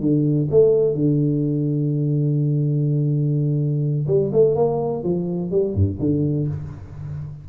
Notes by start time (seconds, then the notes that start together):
0.00 D3
0.50 A3
0.94 D3
4.07 G3
4.32 A3
4.55 A#3
5.03 F3
5.51 G3
5.74 G2
5.99 D3